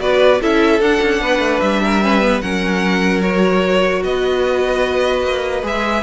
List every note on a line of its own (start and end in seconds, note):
0.00 0.40 B3
0.00 0.40 F#4
0.00 0.42 B4
0.00 0.41 D5
0.41 0.81 C#4
0.41 0.81 E4
0.41 1.21 A4
0.41 0.81 E5
0.81 1.01 D4
0.81 2.03 D4
0.81 1.60 F#5
1.02 1.21 C#4
1.21 1.39 B3
1.21 1.82 B4
1.39 1.59 A3
1.60 2.42 G3
1.60 2.41 E5
1.85 2.04 A#4
2.03 2.21 C#4
2.03 2.43 B4
2.21 2.41 B3
2.41 4.04 F#3
2.41 3.22 C#4
2.41 4.04 A#4
2.41 3.22 F#5
3.22 5.63 F#4
3.22 4.03 C#5
4.04 5.24 B3
4.04 6.03 B4
4.04 5.65 D#5
5.24 5.63 A#3
5.63 6.03 G#3
5.63 6.03 G#4
5.63 6.03 E5